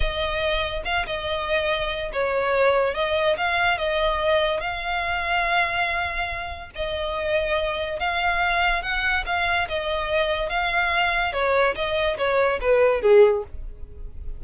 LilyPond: \new Staff \with { instrumentName = "violin" } { \time 4/4 \tempo 4 = 143 dis''2 f''8 dis''4.~ | dis''4 cis''2 dis''4 | f''4 dis''2 f''4~ | f''1 |
dis''2. f''4~ | f''4 fis''4 f''4 dis''4~ | dis''4 f''2 cis''4 | dis''4 cis''4 b'4 gis'4 | }